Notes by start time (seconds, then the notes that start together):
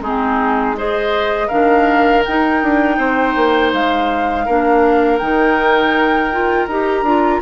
0.00 G#3 C4 D#4 G#4
0.76 G#4 C5 D#5
1.47 D#3 D4 A#4 F5
2.25 D#4 G5
2.63 D4
2.98 C4 C5
3.36 A#3
3.73 G#3 F5
4.45 A#3 D4 A#4
5.18 D#3 D#4 G5
6.31 F4
6.67 D#4 G4 A#5
7.02 D4 F4